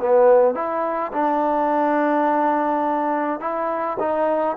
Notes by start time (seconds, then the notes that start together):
0.00 B3
0.55 E4
1.13 D4
3.40 E4
4.00 D#4